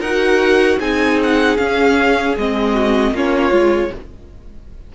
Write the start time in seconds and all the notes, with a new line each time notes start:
0.00 D#4 F#4 A#4 F#5
0.79 C4 D#4 G#4 G#5
1.23 F#5
1.57 C#4 F5
2.37 G#3 C4 D#5
2.73 F#4
3.11 A#3 C#4 F4 C#5
3.51 G#3 F4